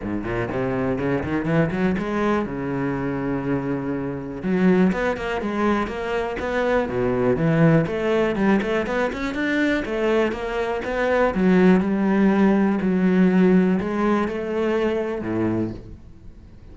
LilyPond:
\new Staff \with { instrumentName = "cello" } { \time 4/4 \tempo 4 = 122 gis,8 ais,8 c4 cis8 dis8 e8 fis8 | gis4 cis2.~ | cis4 fis4 b8 ais8 gis4 | ais4 b4 b,4 e4 |
a4 g8 a8 b8 cis'8 d'4 | a4 ais4 b4 fis4 | g2 fis2 | gis4 a2 a,4 | }